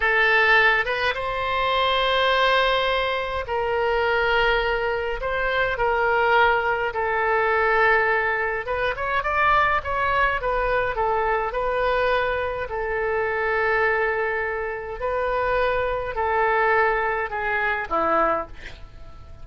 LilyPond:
\new Staff \with { instrumentName = "oboe" } { \time 4/4 \tempo 4 = 104 a'4. b'8 c''2~ | c''2 ais'2~ | ais'4 c''4 ais'2 | a'2. b'8 cis''8 |
d''4 cis''4 b'4 a'4 | b'2 a'2~ | a'2 b'2 | a'2 gis'4 e'4 | }